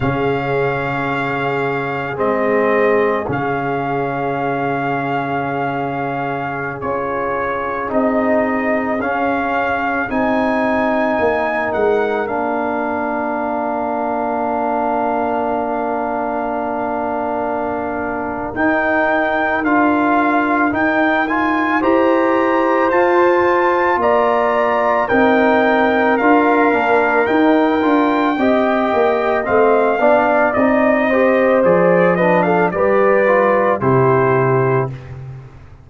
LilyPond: <<
  \new Staff \with { instrumentName = "trumpet" } { \time 4/4 \tempo 4 = 55 f''2 dis''4 f''4~ | f''2~ f''16 cis''4 dis''8.~ | dis''16 f''4 gis''4. fis''8 f''8.~ | f''1~ |
f''4 g''4 f''4 g''8 gis''8 | ais''4 a''4 ais''4 g''4 | f''4 g''2 f''4 | dis''4 d''8 dis''16 f''16 d''4 c''4 | }
  \new Staff \with { instrumentName = "horn" } { \time 4/4 gis'1~ | gis'1~ | gis'2~ gis'16 ais'4.~ ais'16~ | ais'1~ |
ais'1 | c''2 d''4 ais'4~ | ais'2 dis''4. d''8~ | d''8 c''4 b'16 a'16 b'4 g'4 | }
  \new Staff \with { instrumentName = "trombone" } { \time 4/4 cis'2 c'4 cis'4~ | cis'2~ cis'16 f'4 dis'8.~ | dis'16 cis'4 dis'2 d'8.~ | d'1~ |
d'4 dis'4 f'4 dis'8 f'8 | g'4 f'2 dis'4 | f'8 d'8 dis'8 f'8 g'4 c'8 d'8 | dis'8 g'8 gis'8 d'8 g'8 f'8 e'4 | }
  \new Staff \with { instrumentName = "tuba" } { \time 4/4 cis2 gis4 cis4~ | cis2~ cis16 cis'4 c'8.~ | c'16 cis'4 c'4 ais8 gis8 ais8.~ | ais1~ |
ais4 dis'4 d'4 dis'4 | e'4 f'4 ais4 c'4 | d'8 ais8 dis'8 d'8 c'8 ais8 a8 b8 | c'4 f4 g4 c4 | }
>>